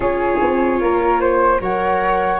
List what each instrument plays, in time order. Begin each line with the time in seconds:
0.00 tuba C#4, viola F4, flute G#4 C#5
0.41 tuba C4
0.81 tuba A#3, flute A#4
1.20 flute C5
1.60 tuba F#3, viola A#4, flute C#5 F#5